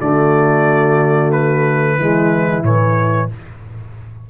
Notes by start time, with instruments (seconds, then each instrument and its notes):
0.00 tuba D3, trombone A3, horn F#4, trumpet D5
1.31 trumpet B4
1.97 tuba E3, trombone G#3, horn E4
2.62 tuba A2, trombone E3, trumpet C#5